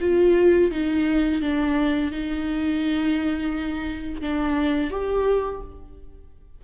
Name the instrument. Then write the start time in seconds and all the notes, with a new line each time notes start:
viola
0.00 F4
0.71 D#4
1.41 D4
2.11 D#4
4.21 D4
4.90 G4